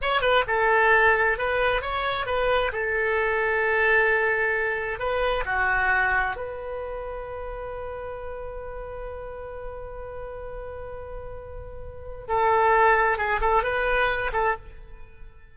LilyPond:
\new Staff \with { instrumentName = "oboe" } { \time 4/4 \tempo 4 = 132 cis''8 b'8 a'2 b'4 | cis''4 b'4 a'2~ | a'2. b'4 | fis'2 b'2~ |
b'1~ | b'1~ | b'2. a'4~ | a'4 gis'8 a'8 b'4. a'8 | }